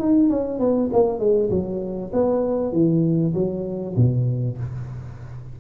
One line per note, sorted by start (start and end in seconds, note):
0.00 0.30 D#4
0.30 0.60 C#4
0.60 0.90 B3
0.93 1.19 A#3
1.19 1.50 G#3
1.50 2.12 F#3
2.13 2.73 B3
2.73 3.34 E3
3.34 3.95 F#3
3.97 4.58 B2